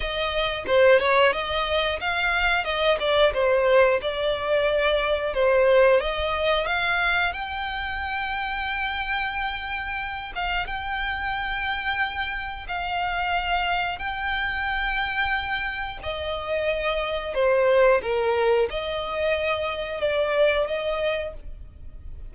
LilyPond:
\new Staff \with { instrumentName = "violin" } { \time 4/4 \tempo 4 = 90 dis''4 c''8 cis''8 dis''4 f''4 | dis''8 d''8 c''4 d''2 | c''4 dis''4 f''4 g''4~ | g''2.~ g''8 f''8 |
g''2. f''4~ | f''4 g''2. | dis''2 c''4 ais'4 | dis''2 d''4 dis''4 | }